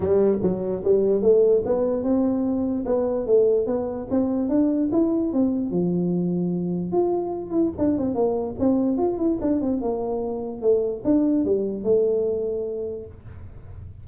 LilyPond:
\new Staff \with { instrumentName = "tuba" } { \time 4/4 \tempo 4 = 147 g4 fis4 g4 a4 | b4 c'2 b4 | a4 b4 c'4 d'4 | e'4 c'4 f2~ |
f4 f'4. e'8 d'8 c'8 | ais4 c'4 f'8 e'8 d'8 c'8 | ais2 a4 d'4 | g4 a2. | }